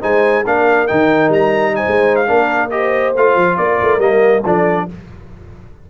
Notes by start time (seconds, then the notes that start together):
0.00 G#3 D#4 C5 G#5
0.44 A#3 D4 A#4 F5
0.87 D#3 D#4 G5
1.29 G3 A#5
1.75 C5 G#5
1.87 G#3
2.15 F5
2.27 A#3 D4 A#4
2.70 G4 C5 D#5
3.15 A3 F4 F5
3.35 F3
3.57 A#3 A#4 D5
3.81 A3
3.98 G3 A#3 D#5
4.43 F3 D4 A4 D5